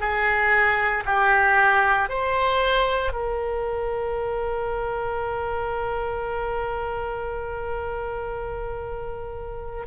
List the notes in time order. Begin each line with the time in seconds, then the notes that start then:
0.00 G#4
1.05 G4
2.09 C5
3.12 A#4